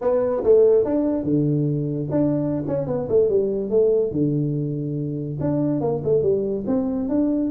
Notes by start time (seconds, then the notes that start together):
0.01 B3
0.43 A3
0.85 D4
1.23 D3
2.10 D4
2.67 C#4
2.87 B3
3.08 A3
3.29 G3
3.70 A3
4.11 D3
5.40 D4
5.81 A#3
6.03 A3
6.22 G3
6.66 C4
7.08 D4